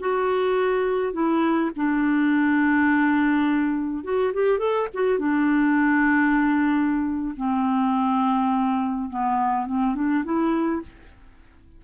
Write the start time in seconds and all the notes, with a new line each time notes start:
0.00 F#4
1.13 E4
1.76 D4
4.04 F#4
4.34 G4
4.59 A4
4.94 F#4
5.19 D4
7.37 C4
9.10 B3
9.66 C4
9.95 D4
10.24 E4